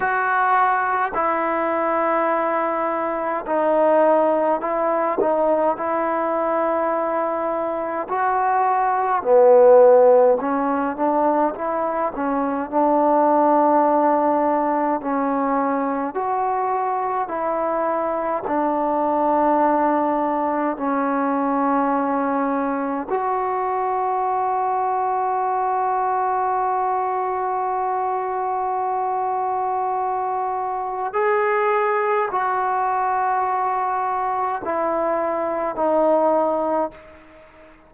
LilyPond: \new Staff \with { instrumentName = "trombone" } { \time 4/4 \tempo 4 = 52 fis'4 e'2 dis'4 | e'8 dis'8 e'2 fis'4 | b4 cis'8 d'8 e'8 cis'8 d'4~ | d'4 cis'4 fis'4 e'4 |
d'2 cis'2 | fis'1~ | fis'2. gis'4 | fis'2 e'4 dis'4 | }